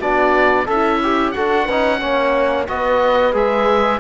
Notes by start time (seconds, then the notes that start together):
0.00 B3 D4 F#4 D5
0.67 C#4 E4 A4 E5
1.04 G4
1.32 F#4 A4 F#5
1.38 D4
1.65 C#4 D#4 B4
2.01 A#3 C#4 C#5
2.68 B3 F#4 B4 D#5
3.34 G#3 G#4 E5